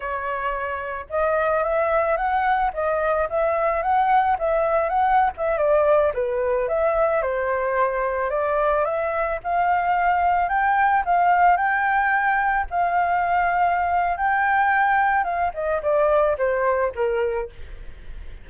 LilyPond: \new Staff \with { instrumentName = "flute" } { \time 4/4 \tempo 4 = 110 cis''2 dis''4 e''4 | fis''4 dis''4 e''4 fis''4 | e''4 fis''8. e''8 d''4 b'8.~ | b'16 e''4 c''2 d''8.~ |
d''16 e''4 f''2 g''8.~ | g''16 f''4 g''2 f''8.~ | f''2 g''2 | f''8 dis''8 d''4 c''4 ais'4 | }